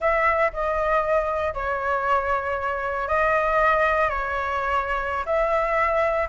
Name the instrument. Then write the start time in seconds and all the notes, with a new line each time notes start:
flute
0.00 E5
0.52 D#5
1.54 C#5
3.08 D#5
4.09 C#5
5.25 E5